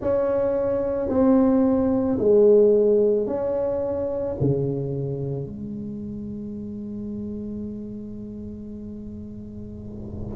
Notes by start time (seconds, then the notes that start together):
0.01 C#4
1.09 C4
2.18 G#3
3.26 C#4
4.40 C#3
5.46 G#3